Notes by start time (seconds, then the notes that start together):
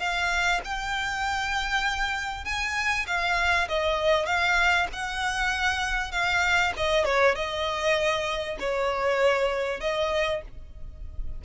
0.00 F5
0.65 G5
2.45 G#5
3.07 F5
3.68 D#5
4.27 F5
4.93 F#5
6.12 F5
6.77 D#5
7.05 C#5
7.36 D#5
8.60 C#5
9.81 D#5